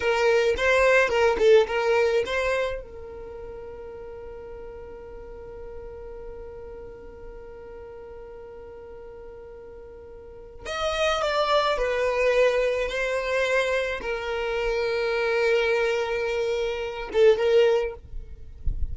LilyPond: \new Staff \with { instrumentName = "violin" } { \time 4/4 \tempo 4 = 107 ais'4 c''4 ais'8 a'8 ais'4 | c''4 ais'2.~ | ais'1~ | ais'1~ |
ais'2. dis''4 | d''4 b'2 c''4~ | c''4 ais'2.~ | ais'2~ ais'8 a'8 ais'4 | }